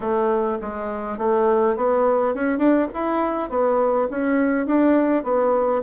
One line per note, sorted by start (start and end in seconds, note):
0.00 0.58 A3
0.61 1.18 G#3
1.18 1.76 A3
1.76 2.34 B3
2.34 2.58 C#4
2.58 2.87 D4
2.93 3.49 E4
3.49 4.08 B3
4.10 4.66 C#4
4.66 5.23 D4
5.23 5.81 B3